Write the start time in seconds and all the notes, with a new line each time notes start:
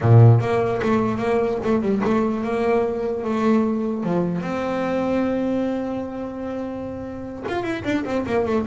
0.01 A#2
0.40 A#3
0.82 A3
1.18 A#3
1.63 A3
1.81 G3
2.04 A3
2.43 A#3
3.23 A3
4.03 F3
4.41 C4
7.48 F4
7.63 E4
7.84 D4
8.04 C4
8.25 A#3
8.45 A3